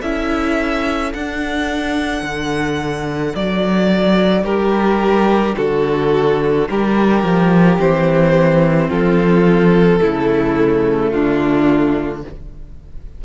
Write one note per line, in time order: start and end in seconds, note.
0.00 1.13 C#4
0.00 1.13 E4
0.00 4.44 A4
0.00 1.13 E5
1.13 7.78 D4
1.13 2.23 D4
1.13 3.35 F#5
2.23 3.34 D3
3.35 4.43 F#3
3.35 4.45 D5
4.43 5.54 G3
4.43 5.56 G4
4.43 5.56 A#4
5.57 6.69 D3
5.57 6.69 F#4
5.57 6.68 A4
6.69 7.23 G3
6.69 8.89 G4
6.69 7.80 A#4
7.23 7.79 F3
7.78 8.90 E3
7.78 10.00 C4
7.78 8.90 C5
8.89 10.02 F3
8.89 10.00 F4
8.89 11.10 A4
10.00 11.13 C#3
10.00 12.22 A3
10.00 11.12 E4
11.10 12.25 D3
11.10 12.23 D4
11.10 12.21 F4